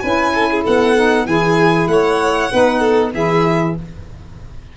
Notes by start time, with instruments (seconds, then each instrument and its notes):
0.00 tuba C#4, saxophone E4, violin B4 G#5
0.35 violin A4
0.51 violin G#4
0.64 tuba B3, violin A4 F#5
0.96 saxophone D#4
1.26 tuba E3, saxophone E4, violin G#4 G#5
1.88 tuba A3, violin C#5 F#5
2.51 tuba B3, saxophone D#4, violin B4
2.80 violin A4
3.14 tuba E3, saxophone E4, violin G#4 E5